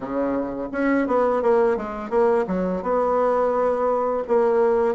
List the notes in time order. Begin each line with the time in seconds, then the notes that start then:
0.00 C#3
0.72 C#4
1.07 B3
1.42 A#3
1.76 G#3
2.10 A#3
2.47 F#3
2.82 B3
4.27 A#3